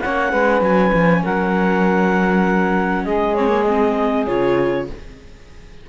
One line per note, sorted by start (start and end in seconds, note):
0.00 0.32 A#3
0.00 3.36 C#4
0.00 0.30 C#5
0.00 0.61 F#5
0.30 0.61 G#3
0.30 1.21 B4
0.61 0.91 F#3
0.61 1.23 G#5
0.92 1.23 F3
1.24 3.05 F#3
1.24 3.05 A#4
1.24 3.04 F#5
3.04 4.26 G#3
3.04 4.87 G#4
3.04 3.34 D#5
3.34 3.48 C4
3.34 3.64 C#5
3.48 3.63 A#3
3.64 4.26 C4
3.64 4.24 D#5
4.26 4.89 C#3
4.26 4.87 F4
4.26 4.86 C#5